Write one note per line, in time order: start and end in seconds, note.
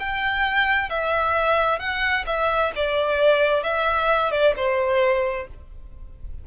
0.00 0.90 G5
0.90 1.80 E5
1.80 2.25 F#5
2.27 2.72 E5
2.76 3.64 D5
3.64 4.32 E5
4.32 4.55 D5
4.57 5.48 C5